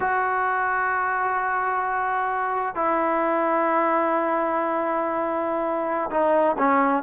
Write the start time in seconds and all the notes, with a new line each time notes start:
0.00 F#4
2.75 E4
6.10 D#4
6.58 C#4